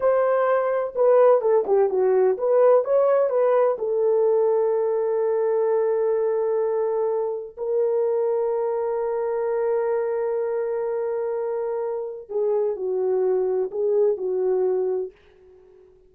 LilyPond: \new Staff \with { instrumentName = "horn" } { \time 4/4 \tempo 4 = 127 c''2 b'4 a'8 g'8 | fis'4 b'4 cis''4 b'4 | a'1~ | a'1 |
ais'1~ | ais'1~ | ais'2 gis'4 fis'4~ | fis'4 gis'4 fis'2 | }